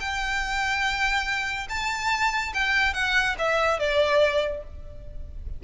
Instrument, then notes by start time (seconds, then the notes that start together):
violin
0.00 G5
1.69 A5
2.54 G5
2.94 F#5
3.39 E5
3.79 D5